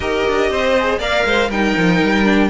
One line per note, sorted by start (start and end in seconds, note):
0.00 0.23 D#4
0.00 0.76 G4
0.00 0.50 A#4
0.00 1.00 D#5
0.28 0.50 D4
0.50 0.99 C4
0.50 0.98 C5
0.79 1.00 G#4
0.98 1.24 A#3
0.98 1.50 A#4
0.98 1.23 D5
0.98 1.51 F5
1.24 1.49 G#3
1.24 1.48 C5
1.48 1.74 G3
1.48 2.24 D#4
1.48 2.48 A#4
1.48 2.49 G5
1.77 2.02 F3
2.02 2.49 G3
2.24 2.49 D4